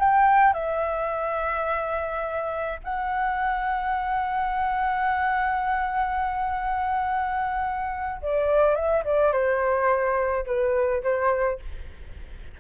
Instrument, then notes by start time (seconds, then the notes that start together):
flute
0.00 G5
0.54 E5
2.84 F#5
8.22 D5
8.76 E5
9.05 D5
9.32 C5
10.46 B4
11.03 C5